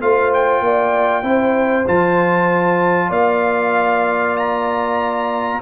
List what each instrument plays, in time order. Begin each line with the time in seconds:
0.00 tuba A3, trombone F4, horn C5, trumpet F5
0.34 trumpet G5
0.60 tuba A#3, horn D5
1.23 tuba C4, trombone E4, horn C5
1.87 tuba F3, trombone F4, trumpet A5
3.08 tuba A#3, horn D5, trumpet F5
4.37 trumpet A#5